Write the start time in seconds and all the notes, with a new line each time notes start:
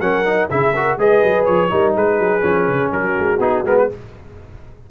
0.00 F#3 C#4 A#4 F#5
0.26 D#4
0.50 C#3 E4 G#4 E5
0.73 F#4 A#4
0.98 G#3 G#4 B4 D#5
1.23 F#3
1.45 F3 C#5
1.70 G3 D#4 A#4
1.95 G#3 G#4 B4
2.19 F#3
2.41 F3 C#4
2.68 C#3
2.92 F#3 F#4 A#4
3.19 G#3
3.39 B3 D#4 G#4
3.64 G#3 B3 A#4
3.78 B4